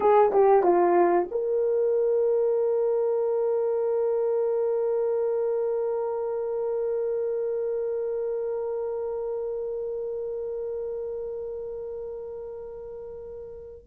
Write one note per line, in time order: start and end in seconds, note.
0.00 0.31 G#4
0.32 0.63 G4
0.63 1.27 F4
1.31 13.87 A#4